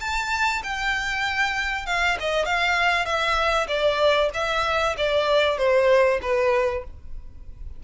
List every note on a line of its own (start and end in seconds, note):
0.00 0.62 A5
0.63 1.86 G5
1.86 2.17 F5
2.20 2.45 D#5
2.45 3.05 F5
3.05 3.67 E5
3.67 4.29 D5
4.34 4.95 E5
4.97 5.58 D5
5.58 6.19 C5
6.22 6.84 B4